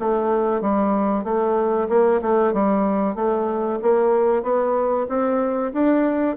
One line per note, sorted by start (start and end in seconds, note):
0.00 0.61 A3
0.61 1.24 G3
1.24 1.88 A3
1.89 2.21 A#3
2.22 2.54 A3
2.54 3.15 G3
3.15 3.79 A3
3.82 4.43 A#3
4.43 5.07 B3
5.09 5.73 C4
5.73 6.37 D4